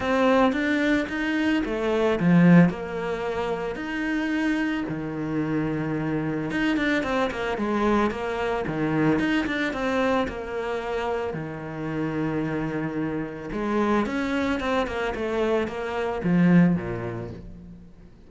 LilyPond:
\new Staff \with { instrumentName = "cello" } { \time 4/4 \tempo 4 = 111 c'4 d'4 dis'4 a4 | f4 ais2 dis'4~ | dis'4 dis2. | dis'8 d'8 c'8 ais8 gis4 ais4 |
dis4 dis'8 d'8 c'4 ais4~ | ais4 dis2.~ | dis4 gis4 cis'4 c'8 ais8 | a4 ais4 f4 ais,4 | }